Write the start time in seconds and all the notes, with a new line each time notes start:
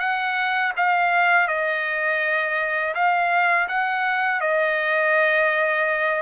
0.00 F#5
0.77 F5
1.48 D#5
2.95 F5
3.69 F#5
4.41 D#5